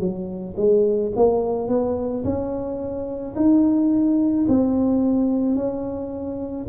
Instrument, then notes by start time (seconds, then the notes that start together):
tuba
0.00 F#3
0.57 G#3
1.16 A#3
1.69 B3
2.24 C#4
3.36 D#4
4.49 C4
5.56 C#4